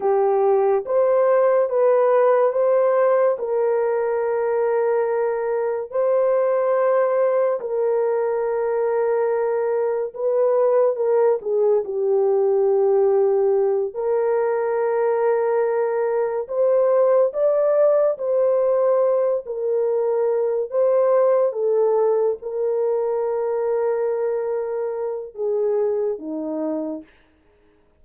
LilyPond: \new Staff \with { instrumentName = "horn" } { \time 4/4 \tempo 4 = 71 g'4 c''4 b'4 c''4 | ais'2. c''4~ | c''4 ais'2. | b'4 ais'8 gis'8 g'2~ |
g'8 ais'2. c''8~ | c''8 d''4 c''4. ais'4~ | ais'8 c''4 a'4 ais'4.~ | ais'2 gis'4 dis'4 | }